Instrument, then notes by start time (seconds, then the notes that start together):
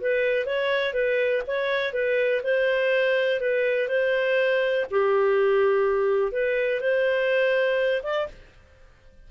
clarinet
0.00 B4
0.45 C#5
0.93 B4
1.47 C#5
1.93 B4
2.43 C5
3.40 B4
3.88 C5
4.90 G4
6.31 B4
6.80 C5
8.03 D5